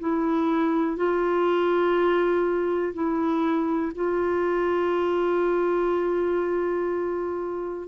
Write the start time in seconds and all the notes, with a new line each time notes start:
0.00 E4
0.97 F4
2.94 E4
3.95 F4